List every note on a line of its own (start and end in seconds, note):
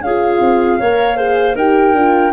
0.00 0.38 C#4
0.00 0.82 F4
0.00 0.79 G#4
0.00 1.56 F5
0.40 0.79 C4
0.79 1.54 A#3
0.79 1.17 A#4
0.79 1.17 C#5
1.17 1.55 G#4
1.17 1.55 C5
1.54 1.93 D#4
1.54 1.96 G4
1.54 2.32 A#4
1.54 2.32 G5
1.93 2.31 D4
1.93 2.32 F4